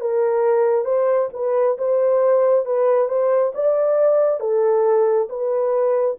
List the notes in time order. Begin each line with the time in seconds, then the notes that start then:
0.00 A#4
0.84 C5
1.33 B4
1.78 C5
2.66 B4
3.08 C5
3.54 D5
4.40 A4
5.29 B4